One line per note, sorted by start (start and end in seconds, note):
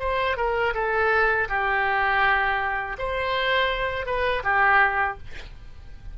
0.00 0.37 C5
0.37 0.74 A#4
0.74 1.48 A4
1.49 2.97 G4
2.99 4.06 C5
4.06 4.43 B4
4.43 5.18 G4